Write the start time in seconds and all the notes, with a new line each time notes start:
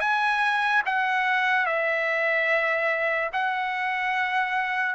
0.00 G#5
0.86 F#5
1.66 E5
3.33 F#5